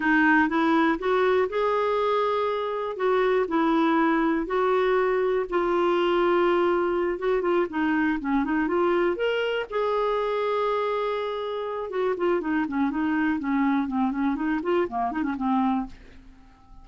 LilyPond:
\new Staff \with { instrumentName = "clarinet" } { \time 4/4 \tempo 4 = 121 dis'4 e'4 fis'4 gis'4~ | gis'2 fis'4 e'4~ | e'4 fis'2 f'4~ | f'2~ f'8 fis'8 f'8 dis'8~ |
dis'8 cis'8 dis'8 f'4 ais'4 gis'8~ | gis'1 | fis'8 f'8 dis'8 cis'8 dis'4 cis'4 | c'8 cis'8 dis'8 f'8 ais8 dis'16 cis'16 c'4 | }